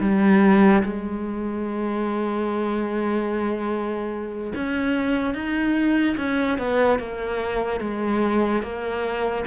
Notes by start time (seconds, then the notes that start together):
0.00 G3
0.83 G#3
4.55 C#4
5.33 D#4
6.17 C#4
6.58 B3
6.99 A#3
7.80 G#3
8.62 A#3